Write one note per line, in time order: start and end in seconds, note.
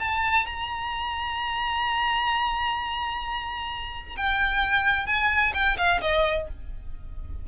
0.00 0.46 A5
0.46 4.16 A#5
4.17 5.07 G5
5.07 5.53 G#5
5.54 5.77 G5
5.78 6.01 F5
6.01 6.48 D#5